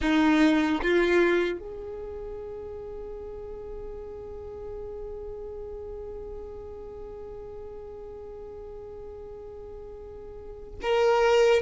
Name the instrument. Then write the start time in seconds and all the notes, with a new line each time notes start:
violin
0.01 D#4
0.82 F4
1.59 G#4
10.82 A#4